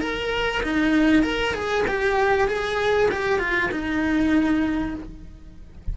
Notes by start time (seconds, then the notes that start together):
0.00 A#4
0.63 D#4
1.23 A#4
1.54 G#4
1.88 G4
2.48 G#4
3.12 G4
3.39 F4
3.71 D#4